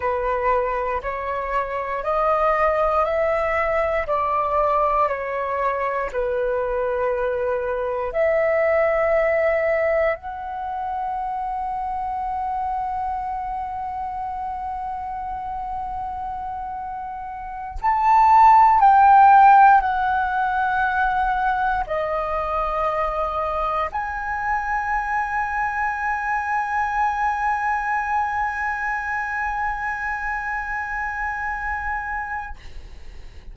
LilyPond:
\new Staff \with { instrumentName = "flute" } { \time 4/4 \tempo 4 = 59 b'4 cis''4 dis''4 e''4 | d''4 cis''4 b'2 | e''2 fis''2~ | fis''1~ |
fis''4. a''4 g''4 fis''8~ | fis''4. dis''2 gis''8~ | gis''1~ | gis''1 | }